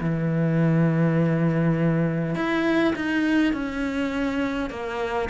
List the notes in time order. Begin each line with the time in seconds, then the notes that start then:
0.00 E3
2.35 E4
2.95 D#4
3.53 C#4
4.70 A#3